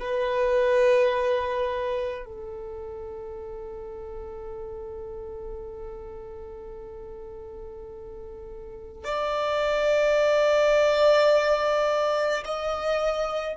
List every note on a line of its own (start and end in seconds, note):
0.00 2.26 B4
2.26 9.05 A4
9.05 12.44 D5
12.45 13.57 D#5